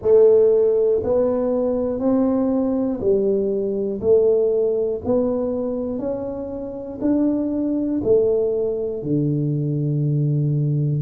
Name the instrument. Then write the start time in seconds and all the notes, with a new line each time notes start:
tuba
0.01 A3
1.03 B3
2.00 C4
3.00 G3
4.00 A3
5.05 B3
5.99 C#4
7.00 D4
8.03 A3
9.03 D3